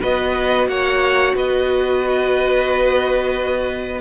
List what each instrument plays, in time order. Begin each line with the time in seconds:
0.00 cello B3, viola F#4, violin B4 D#5
0.67 cello A#3, violin C#5 F#5
1.35 cello B3, violin B4 D#5